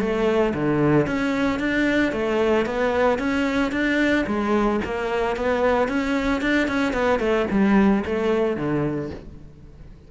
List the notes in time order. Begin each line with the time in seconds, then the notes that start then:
0.00 A3
0.54 D3
1.06 C#4
1.59 D4
2.12 A3
2.66 B3
3.19 C#4
3.72 D4
4.27 G#3
4.85 A#3
5.36 B3
5.88 C#4
6.42 D4
6.68 C#4
6.93 B3
7.20 A3
7.51 G3
8.05 A3
8.57 D3